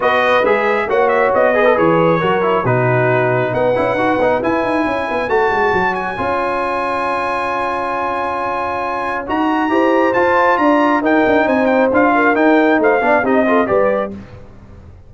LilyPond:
<<
  \new Staff \with { instrumentName = "trumpet" } { \time 4/4 \tempo 4 = 136 dis''4 e''4 fis''8 e''8 dis''4 | cis''2 b'2 | fis''2 gis''2 | a''4. gis''2~ gis''8~ |
gis''1~ | gis''4 ais''2 a''4 | ais''4 g''4 gis''8 g''8 f''4 | g''4 f''4 dis''4 d''4 | }
  \new Staff \with { instrumentName = "horn" } { \time 4/4 b'2 cis''4. b'8~ | b'4 ais'4 fis'2 | b'2. cis''4~ | cis''1~ |
cis''1~ | cis''2 c''2 | d''4 ais'4 c''4. ais'8~ | ais'4 c''8 d''8 g'8 a'8 b'4 | }
  \new Staff \with { instrumentName = "trombone" } { \time 4/4 fis'4 gis'4 fis'4. gis'16 a'16 | gis'4 fis'8 e'8 dis'2~ | dis'8 e'8 fis'8 dis'8 e'2 | fis'2 f'2~ |
f'1~ | f'4 fis'4 g'4 f'4~ | f'4 dis'2 f'4 | dis'4. d'8 dis'8 f'8 g'4 | }
  \new Staff \with { instrumentName = "tuba" } { \time 4/4 b4 gis4 ais4 b4 | e4 fis4 b,2 | b8 cis'8 dis'8 b8 e'8 dis'8 cis'8 b8 | a8 gis8 fis4 cis'2~ |
cis'1~ | cis'4 dis'4 e'4 f'4 | d'4 dis'8 d'8 c'4 d'4 | dis'4 a8 b8 c'4 g4 | }
>>